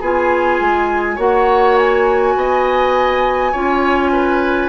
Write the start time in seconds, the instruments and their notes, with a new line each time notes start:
0.00 bassoon B3, clarinet F4, oboe G#4, flute G#5
0.60 bassoon G#3
1.16 bassoon A#3, clarinet F#4, oboe C#5, flute F#5
1.77 flute G#5
2.36 bassoon B3, oboe D#5
3.52 bassoon C#4, clarinet F4, oboe C#5
4.12 oboe B4